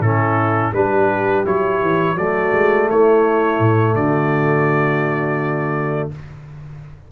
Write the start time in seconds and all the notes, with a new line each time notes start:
0.00 A2 C#4 E4 A4
0.73 G3 D4 G4 B4
1.45 F#3 E4 C#5
1.81 E3
2.15 F#3 A3 F#4 D5
2.53 G#3
2.88 A3 E4 C#5
3.59 A2
3.95 D3 F#4 D5